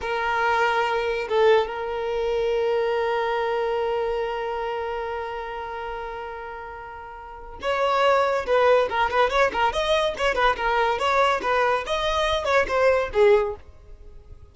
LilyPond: \new Staff \with { instrumentName = "violin" } { \time 4/4 \tempo 4 = 142 ais'2. a'4 | ais'1~ | ais'1~ | ais'1~ |
ais'2 cis''2 | b'4 ais'8 b'8 cis''8 ais'8 dis''4 | cis''8 b'8 ais'4 cis''4 b'4 | dis''4. cis''8 c''4 gis'4 | }